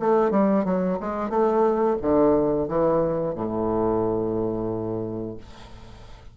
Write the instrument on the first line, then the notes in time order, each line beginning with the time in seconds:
bassoon
0.00 A3
0.31 G3
0.65 F#3
1.00 G#3
1.30 A3
2.02 D3
2.68 E3
3.35 A2